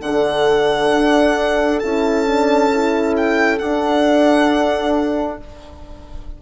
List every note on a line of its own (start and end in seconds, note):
0.00 0.90 D3
0.00 1.82 D4
0.00 5.42 A4
0.00 1.79 F#5
0.93 1.82 D4
1.79 3.60 C#4
1.79 2.27 E4
1.79 3.13 A5
2.27 2.71 D4
2.73 3.60 E4
3.17 3.58 G5
3.58 5.39 D4
3.58 5.37 F#5